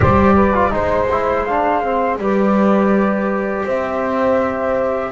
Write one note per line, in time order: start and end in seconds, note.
0.00 0.73 G3
0.00 0.54 G4
0.00 0.34 C5
0.00 0.72 D5
0.34 0.71 B4
0.54 0.70 F4
0.70 2.18 G#3
0.70 1.07 D#4
0.70 2.19 C5
0.70 1.43 C5
1.11 1.47 E4
1.43 1.83 D4
1.43 2.17 F5
1.83 2.20 C4
2.18 3.64 G3
2.18 5.11 G4
2.18 3.65 B4
2.18 3.66 D5
3.65 5.11 C4
3.65 5.11 C5
3.65 5.11 E5